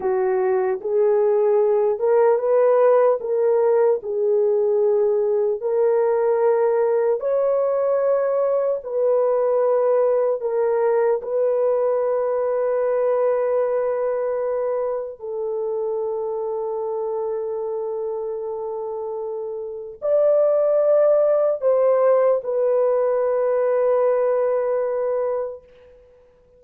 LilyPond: \new Staff \with { instrumentName = "horn" } { \time 4/4 \tempo 4 = 75 fis'4 gis'4. ais'8 b'4 | ais'4 gis'2 ais'4~ | ais'4 cis''2 b'4~ | b'4 ais'4 b'2~ |
b'2. a'4~ | a'1~ | a'4 d''2 c''4 | b'1 | }